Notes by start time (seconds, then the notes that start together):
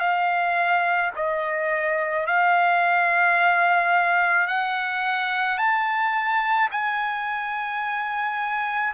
0.00 F5
1.16 D#5
2.27 F5
4.47 F#5
5.58 A5
6.71 G#5